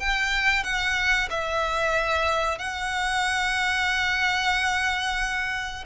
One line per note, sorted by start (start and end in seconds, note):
0.00 0.64 G5
0.64 1.29 F#5
1.30 2.59 E5
2.59 5.85 F#5